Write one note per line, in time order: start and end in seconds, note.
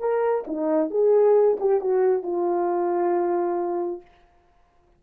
0.00 0.45 A#4
0.48 0.91 D#4
0.91 1.58 G#4
1.61 1.81 G4
1.81 2.23 F#4
2.23 4.02 F4